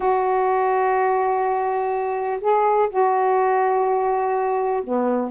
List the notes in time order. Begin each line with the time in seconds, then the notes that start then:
0.00 F#4
2.40 G#4
2.89 F#4
4.83 B3